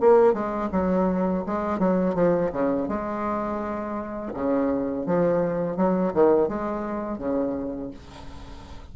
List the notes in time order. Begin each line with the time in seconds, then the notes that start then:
0.00 A#3
0.33 G#3
0.72 F#3
1.46 G#3
1.79 F#3
2.15 F3
2.52 C#3
2.88 G#3
4.34 C#3
5.06 F3
5.76 F#3
6.14 D#3
6.48 G#3
7.18 C#3